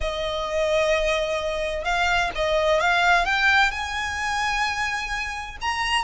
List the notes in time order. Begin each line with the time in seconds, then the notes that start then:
0.00 D#5
1.84 F5
2.35 D#5
2.80 F5
3.25 G5
3.71 G#5
5.61 A#5